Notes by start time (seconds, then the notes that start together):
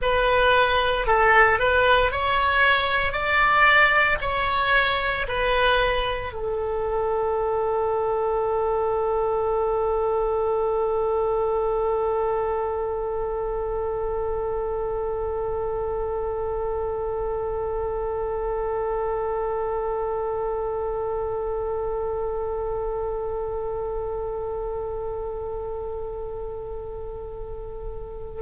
0.01 B4
1.06 A4
1.59 B4
2.11 C#5
3.12 D5
4.21 C#5
5.27 B4
6.32 A4